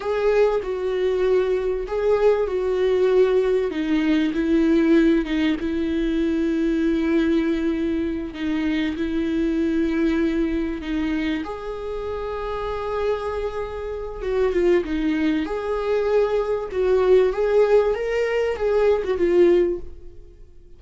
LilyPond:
\new Staff \with { instrumentName = "viola" } { \time 4/4 \tempo 4 = 97 gis'4 fis'2 gis'4 | fis'2 dis'4 e'4~ | e'8 dis'8 e'2.~ | e'4. dis'4 e'4.~ |
e'4. dis'4 gis'4.~ | gis'2. fis'8 f'8 | dis'4 gis'2 fis'4 | gis'4 ais'4 gis'8. fis'16 f'4 | }